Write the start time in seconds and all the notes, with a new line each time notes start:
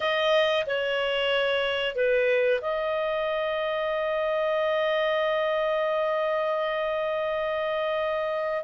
0.00 D#5
0.66 C#5
1.95 B4
2.61 D#5